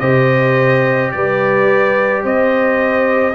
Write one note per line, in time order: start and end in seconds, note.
0.00 1.12 C3
0.00 3.34 G4
0.00 1.12 C5
0.00 1.11 D#5
1.12 2.24 G3
1.12 2.24 B4
1.12 2.23 D5
2.24 3.35 C4
2.24 3.35 C5
2.24 3.35 D#5